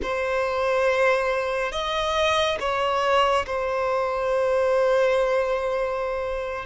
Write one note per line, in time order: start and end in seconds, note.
0.02 1.72 C5
1.72 2.58 D#5
2.59 3.45 C#5
3.46 6.65 C5